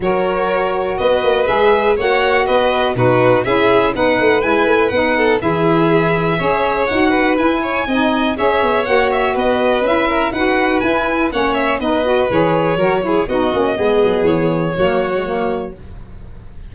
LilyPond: <<
  \new Staff \with { instrumentName = "violin" } { \time 4/4 \tempo 4 = 122 cis''2 dis''4 e''4 | fis''4 dis''4 b'4 e''4 | fis''4 gis''4 fis''4 e''4~ | e''2 fis''4 gis''4~ |
gis''4 e''4 fis''8 e''8 dis''4 | e''4 fis''4 gis''4 fis''8 e''8 | dis''4 cis''2 dis''4~ | dis''4 cis''2. | }
  \new Staff \with { instrumentName = "violin" } { \time 4/4 ais'2 b'2 | cis''4 b'4 fis'4 gis'4 | b'2~ b'8 a'8 gis'4~ | gis'4 cis''4. b'4 cis''8 |
dis''4 cis''2 b'4~ | b'8 ais'8 b'2 cis''4 | b'2 ais'8 gis'8 fis'4 | gis'2 fis'2 | }
  \new Staff \with { instrumentName = "saxophone" } { \time 4/4 fis'2. gis'4 | fis'2 dis'4 e'4 | dis'4 e'4 dis'4 e'4~ | e'4 gis'4 fis'4 e'4 |
dis'4 gis'4 fis'2 | e'4 fis'4 e'4 cis'4 | dis'8 fis'8 gis'4 fis'8 e'8 dis'8 cis'8 | b2 ais8. gis16 ais4 | }
  \new Staff \with { instrumentName = "tuba" } { \time 4/4 fis2 b8 ais8 gis4 | ais4 b4 b,4 cis'4 | b8 a8 gis8 a8 b4 e4~ | e4 cis'4 dis'4 e'4 |
c'4 cis'8 b8 ais4 b4 | cis'4 dis'4 e'4 ais4 | b4 e4 fis4 b8 ais8 | gis8 fis8 e4 fis2 | }
>>